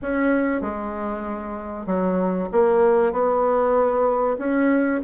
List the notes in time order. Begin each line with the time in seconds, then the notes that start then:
0.02 C#4
0.61 G#3
1.86 F#3
2.52 A#3
3.12 B3
4.38 C#4